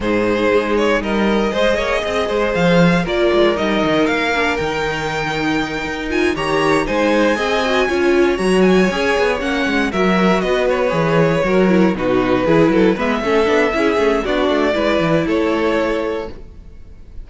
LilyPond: <<
  \new Staff \with { instrumentName = "violin" } { \time 4/4 \tempo 4 = 118 c''4. cis''8 dis''2~ | dis''4 f''4 d''4 dis''4 | f''4 g''2. | gis''8 ais''4 gis''2~ gis''8~ |
gis''8 ais''8 gis''4. fis''4 e''8~ | e''8 dis''8 cis''2~ cis''8 b'8~ | b'4. e''2~ e''8 | d''2 cis''2 | }
  \new Staff \with { instrumentName = "violin" } { \time 4/4 gis'2 ais'4 c''8 cis''8 | dis''8 c''4. ais'2~ | ais'1~ | ais'8 cis''4 c''4 dis''4 cis''8~ |
cis''2.~ cis''8 ais'8~ | ais'8 b'2 ais'4 fis'8~ | fis'8 gis'8 a'8 b'8 a'4 gis'4 | fis'4 b'4 a'2 | }
  \new Staff \with { instrumentName = "viola" } { \time 4/4 dis'2. gis'4~ | gis'2 f'4 dis'4~ | dis'8 d'8 dis'2. | f'8 g'4 dis'4 gis'8 fis'8 f'8~ |
f'8 fis'4 gis'4 cis'4 fis'8~ | fis'4. gis'4 fis'8 e'8 dis'8~ | dis'8 e'4 b8 cis'8 d'8 e'8 cis'8 | d'4 e'2. | }
  \new Staff \with { instrumentName = "cello" } { \time 4/4 gis,4 gis4 g4 gis8 ais8 | c'8 gis8 f4 ais8 gis8 g8 dis8 | ais4 dis2~ dis8 dis'8~ | dis'8 dis4 gis4 c'4 cis'8~ |
cis'8 fis4 cis'8 b8 ais8 gis8 fis8~ | fis8 b4 e4 fis4 b,8~ | b,8 e8 fis8 gis8 a8 b8 cis'8 a8 | b8 a8 gis8 e8 a2 | }
>>